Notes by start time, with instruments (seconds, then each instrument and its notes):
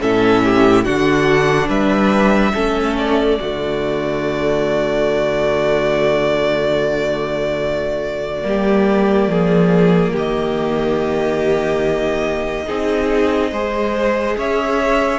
0.00 cello A2, viola C#4, violin A4 E5
0.44 violin G4
0.84 cello D3, viola D4, violin F#4 F#5
1.67 cello G3, violin B4 E5
2.54 cello A3, viola C#4, violin A4
2.97 violin D5
3.39 cello D3, viola A3, violin F#4
8.42 cello G3, viola A#3, violin G4
9.27 cello F3, violin G#4
10.12 cello D#3, violin G4 D#5
12.66 cello C4, viola D#4, violin G#4
13.51 cello G#3, viola G#4, violin C5
14.37 cello C#4, violin C#5 E5